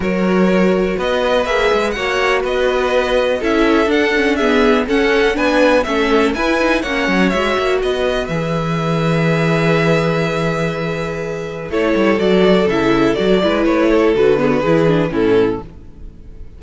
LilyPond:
<<
  \new Staff \with { instrumentName = "violin" } { \time 4/4 \tempo 4 = 123 cis''2 dis''4 e''4 | fis''4 dis''2 e''4 | fis''4 e''4 fis''4 gis''4 | e''4 gis''4 fis''4 e''4 |
dis''4 e''2.~ | e''1 | cis''4 d''4 e''4 d''4 | cis''4 b'2 a'4 | }
  \new Staff \with { instrumentName = "violin" } { \time 4/4 ais'2 b'2 | cis''4 b'2 a'4~ | a'4 gis'4 a'4 b'4 | a'4 b'4 cis''2 |
b'1~ | b'1 | a'2.~ a'8 b'8~ | b'8 a'4 gis'16 fis'16 gis'4 e'4 | }
  \new Staff \with { instrumentName = "viola" } { \time 4/4 fis'2. gis'4 | fis'2. e'4 | d'8 cis'8 b4 cis'4 d'4 | cis'4 e'8 dis'8 cis'4 fis'4~ |
fis'4 gis'2.~ | gis'1 | e'4 fis'4 e'4 fis'8 e'8~ | e'4 fis'8 b8 e'8 d'8 cis'4 | }
  \new Staff \with { instrumentName = "cello" } { \time 4/4 fis2 b4 ais8 gis8 | ais4 b2 cis'4 | d'2 cis'4 b4 | a4 e'4 ais8 fis8 gis8 ais8 |
b4 e2.~ | e1 | a8 g8 fis4 cis4 fis8 gis8 | a4 d4 e4 a,4 | }
>>